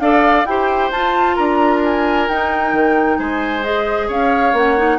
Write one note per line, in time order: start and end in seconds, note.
0.00 0.45 D4
0.00 0.46 A4
0.00 0.48 D5
0.00 0.46 F5
0.45 0.91 E4
0.45 0.93 G4
0.45 1.36 C5
0.45 0.91 G5
0.92 1.37 F4
0.92 2.30 F4
0.92 1.35 A5
1.35 2.29 D4
1.35 3.18 A#4
1.35 1.81 A#5
1.84 2.28 G#5
2.28 2.73 D#4
2.28 3.64 D#4
2.28 3.19 G5
2.73 3.18 D#3
3.19 4.09 G#3
3.19 4.08 C5
3.19 3.63 G#5
3.63 4.54 G#4
3.63 4.09 D#5
4.08 4.53 C#4
4.08 4.99 C#5
4.08 4.57 F5
4.53 4.98 A#3
4.53 4.77 C#4
4.53 4.99 F#5
4.77 4.99 D#4